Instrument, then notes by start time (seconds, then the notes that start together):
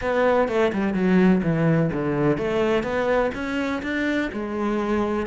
cello
0.01 B3
0.48 A3
0.73 G3
0.94 F#3
1.43 E3
1.93 D3
2.37 A3
2.83 B3
3.34 C#4
3.82 D4
4.32 G#3